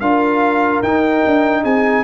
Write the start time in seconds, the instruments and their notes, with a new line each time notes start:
0.00 tuba D4, trombone F4, horn A#4, trumpet F5
0.83 tuba D#4, trombone D#4, trumpet G5
1.26 tuba D4
1.63 tuba C4, horn G#4, trumpet G#5